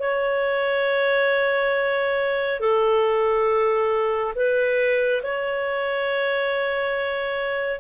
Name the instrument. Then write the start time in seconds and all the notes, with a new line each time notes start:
clarinet
0.00 C#5
2.60 A4
4.35 B4
5.23 C#5